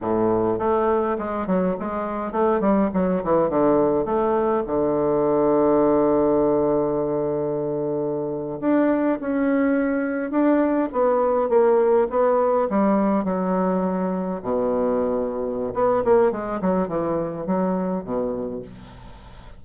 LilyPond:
\new Staff \with { instrumentName = "bassoon" } { \time 4/4 \tempo 4 = 103 a,4 a4 gis8 fis8 gis4 | a8 g8 fis8 e8 d4 a4 | d1~ | d2~ d8. d'4 cis'16~ |
cis'4.~ cis'16 d'4 b4 ais16~ | ais8. b4 g4 fis4~ fis16~ | fis8. b,2~ b,16 b8 ais8 | gis8 fis8 e4 fis4 b,4 | }